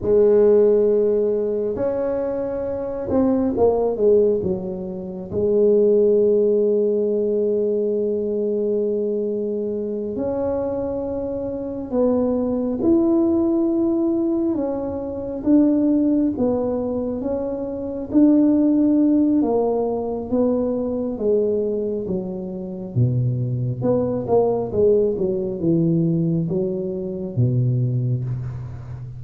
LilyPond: \new Staff \with { instrumentName = "tuba" } { \time 4/4 \tempo 4 = 68 gis2 cis'4. c'8 | ais8 gis8 fis4 gis2~ | gis2.~ gis8 cis'8~ | cis'4. b4 e'4.~ |
e'8 cis'4 d'4 b4 cis'8~ | cis'8 d'4. ais4 b4 | gis4 fis4 b,4 b8 ais8 | gis8 fis8 e4 fis4 b,4 | }